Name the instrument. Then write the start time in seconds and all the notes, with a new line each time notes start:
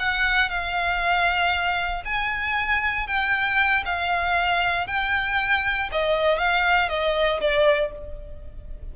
violin
0.00 F#5
0.50 F5
2.06 G#5
3.07 G5
3.86 F5
4.87 G5
5.92 D#5
6.39 F5
6.89 D#5
7.41 D5